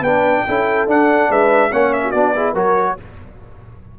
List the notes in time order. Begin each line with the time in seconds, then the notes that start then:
0.00 B3 D4 B4 G5
0.47 C#4 E4 A4
0.87 D4 F#5
1.29 G#3 B4 E5
1.70 A#3 C#4 C#5 F#5
1.93 E5
2.03 F#4
2.11 B3 D4 D5
2.35 E4 G#4
2.53 F#3 F#4 A#4 C#5